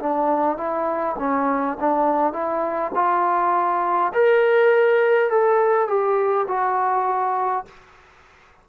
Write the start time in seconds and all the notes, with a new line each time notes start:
0.00 D4
0.57 E4
1.19 C#4
1.80 D4
2.33 E4
2.95 F4
4.14 A#4
5.30 A4
5.88 G4
6.48 F#4